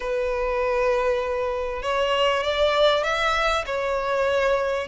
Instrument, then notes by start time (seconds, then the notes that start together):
violin
0.00 B4
1.82 C#5
2.43 D5
3.03 E5
3.66 C#5